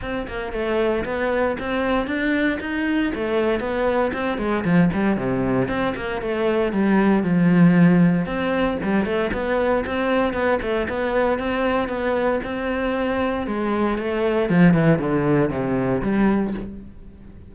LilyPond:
\new Staff \with { instrumentName = "cello" } { \time 4/4 \tempo 4 = 116 c'8 ais8 a4 b4 c'4 | d'4 dis'4 a4 b4 | c'8 gis8 f8 g8 c4 c'8 ais8 | a4 g4 f2 |
c'4 g8 a8 b4 c'4 | b8 a8 b4 c'4 b4 | c'2 gis4 a4 | f8 e8 d4 c4 g4 | }